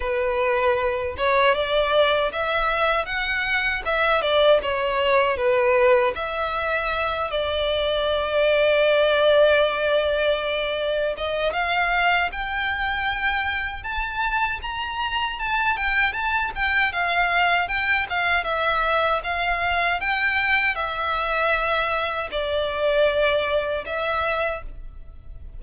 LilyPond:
\new Staff \with { instrumentName = "violin" } { \time 4/4 \tempo 4 = 78 b'4. cis''8 d''4 e''4 | fis''4 e''8 d''8 cis''4 b'4 | e''4. d''2~ d''8~ | d''2~ d''8 dis''8 f''4 |
g''2 a''4 ais''4 | a''8 g''8 a''8 g''8 f''4 g''8 f''8 | e''4 f''4 g''4 e''4~ | e''4 d''2 e''4 | }